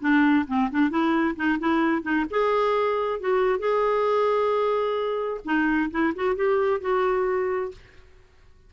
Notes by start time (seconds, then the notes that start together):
0.00 D4
0.47 C4
0.71 D4
0.90 E4
1.36 D#4
1.59 E4
2.02 D#4
2.30 G#4
3.20 F#4
3.59 G#4
5.45 D#4
5.91 E4
6.15 F#4
6.35 G4
6.81 F#4